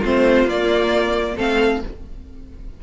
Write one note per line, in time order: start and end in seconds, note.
0.00 0.45 A3
0.00 0.49 C4
0.00 1.33 F4
0.00 0.49 C5
0.45 1.34 A#3
0.45 1.37 A#3
0.45 1.38 D5
1.36 1.82 A3
1.36 1.81 C4
1.36 1.80 A4
1.36 1.82 F5